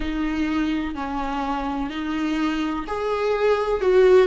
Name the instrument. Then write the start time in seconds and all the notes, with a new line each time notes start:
viola
0.00 D#4
0.94 C#4
1.90 D#4
2.87 G#4
3.81 F#4